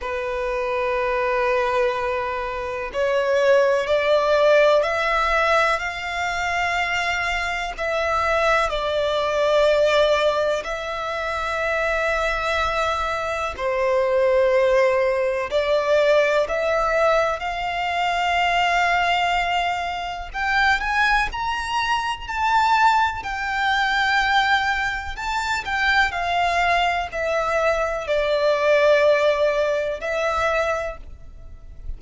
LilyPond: \new Staff \with { instrumentName = "violin" } { \time 4/4 \tempo 4 = 62 b'2. cis''4 | d''4 e''4 f''2 | e''4 d''2 e''4~ | e''2 c''2 |
d''4 e''4 f''2~ | f''4 g''8 gis''8 ais''4 a''4 | g''2 a''8 g''8 f''4 | e''4 d''2 e''4 | }